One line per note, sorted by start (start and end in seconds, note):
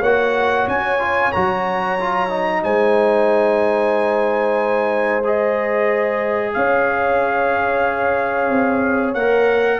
0.00 0.66 A#3
0.00 0.99 F#4
0.00 2.61 C#5
0.00 0.68 F#5
0.67 1.32 C#4
0.67 1.32 G#5
0.99 1.32 F4
1.32 2.63 F#3
1.32 1.99 F#4
1.32 2.62 A#5
2.00 2.29 F4
2.29 5.22 D#4
2.63 6.54 G#3
2.63 6.55 C5
2.63 5.24 G#5
5.24 9.15 G#4
5.24 6.53 D#5
6.53 8.50 C#4
6.53 9.79 C#5
6.53 9.14 F5
8.50 9.14 C4
9.14 9.79 A#3
9.14 9.79 A#4
9.14 9.79 F#5